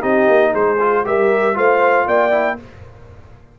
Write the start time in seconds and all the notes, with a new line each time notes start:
0.00 C4 D#4 G4 D#5
0.27 A#3
0.51 G#3 G#4 C5
0.79 F4
1.04 G3 G4 A#4 E5
1.54 A3 F4 C5 F5
2.07 A#3 D5 G5
2.30 E4